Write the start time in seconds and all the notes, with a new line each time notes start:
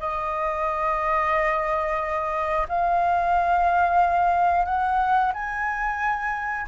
0.00 D#5
2.69 F5
4.66 F#5
5.33 G#5